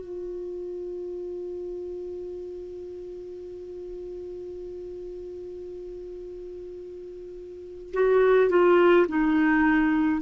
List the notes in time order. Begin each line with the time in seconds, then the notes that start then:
0.00 F4
7.93 F#4
8.50 F4
9.08 D#4